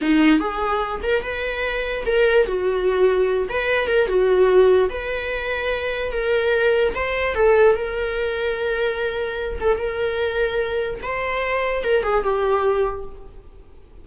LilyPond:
\new Staff \with { instrumentName = "viola" } { \time 4/4 \tempo 4 = 147 dis'4 gis'4. ais'8 b'4~ | b'4 ais'4 fis'2~ | fis'8 b'4 ais'8 fis'2 | b'2. ais'4~ |
ais'4 c''4 a'4 ais'4~ | ais'2.~ ais'8 a'8 | ais'2. c''4~ | c''4 ais'8 gis'8 g'2 | }